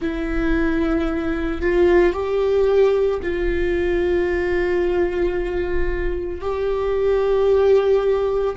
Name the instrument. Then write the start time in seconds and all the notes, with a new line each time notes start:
viola
0.00 E4
1.61 F4
2.12 G4
3.22 F4
6.41 G4